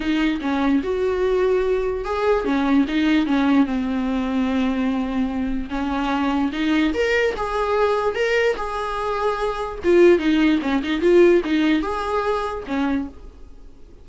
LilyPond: \new Staff \with { instrumentName = "viola" } { \time 4/4 \tempo 4 = 147 dis'4 cis'4 fis'2~ | fis'4 gis'4 cis'4 dis'4 | cis'4 c'2.~ | c'2 cis'2 |
dis'4 ais'4 gis'2 | ais'4 gis'2. | f'4 dis'4 cis'8 dis'8 f'4 | dis'4 gis'2 cis'4 | }